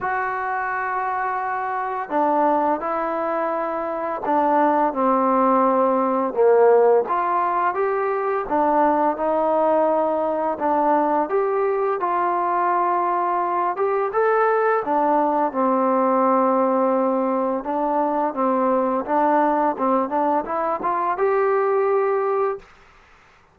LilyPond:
\new Staff \with { instrumentName = "trombone" } { \time 4/4 \tempo 4 = 85 fis'2. d'4 | e'2 d'4 c'4~ | c'4 ais4 f'4 g'4 | d'4 dis'2 d'4 |
g'4 f'2~ f'8 g'8 | a'4 d'4 c'2~ | c'4 d'4 c'4 d'4 | c'8 d'8 e'8 f'8 g'2 | }